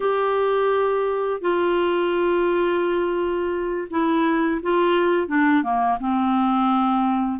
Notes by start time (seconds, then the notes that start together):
0.00 G4
1.41 F4
3.90 E4
4.62 F4
5.27 D4
5.63 A#3
6.00 C4